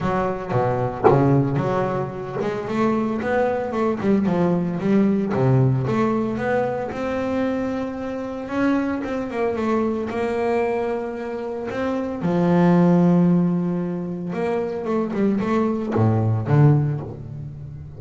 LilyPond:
\new Staff \with { instrumentName = "double bass" } { \time 4/4 \tempo 4 = 113 fis4 b,4 cis4 fis4~ | fis8 gis8 a4 b4 a8 g8 | f4 g4 c4 a4 | b4 c'2. |
cis'4 c'8 ais8 a4 ais4~ | ais2 c'4 f4~ | f2. ais4 | a8 g8 a4 a,4 d4 | }